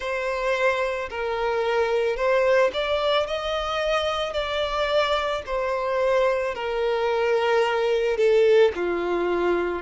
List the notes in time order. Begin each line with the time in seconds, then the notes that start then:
0.00 C5
1.10 A#4
2.16 C5
2.73 D5
3.26 D#5
4.33 D5
5.45 C5
6.55 A#4
8.17 A4
8.75 F4